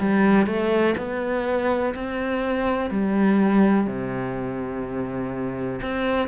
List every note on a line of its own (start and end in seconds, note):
0.00 0.47 G3
0.47 0.95 A3
0.98 1.95 B3
1.95 2.91 C4
2.91 3.87 G3
3.87 5.81 C3
5.82 6.28 C4